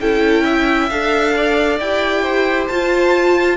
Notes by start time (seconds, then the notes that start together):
0.00 C#4 E4 A4 G5
0.44 E5
0.89 D4 A4 F5
1.37 D5
1.79 E4 G4 G5
2.22 C5
2.67 F4 A5